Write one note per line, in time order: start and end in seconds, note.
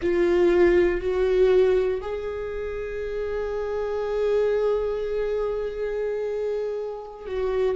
0.01 1.00 F4
1.00 2.00 F#4
2.01 7.26 G#4
7.26 7.75 F#4